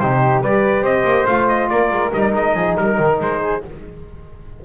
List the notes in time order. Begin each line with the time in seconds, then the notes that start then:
0.00 C3 D#4 G4 C5
0.42 G3 G4 B4 D5
0.82 C4 C5 D#5
1.05 A#3
1.27 A3 F4 F5
1.48 D#5
1.69 A#3 A#4 D5
1.91 G#3
2.13 G3 D#4 D#5
2.21 D5
2.34 G#3 D#5
2.55 F3 G#4
2.77 G3 A#4
2.99 D#3
3.20 G#3 C5
3.41 G#4